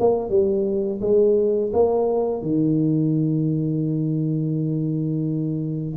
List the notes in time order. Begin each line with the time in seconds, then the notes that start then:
0.00 A#3
0.30 G3
1.01 G#3
1.73 A#3
2.42 D#3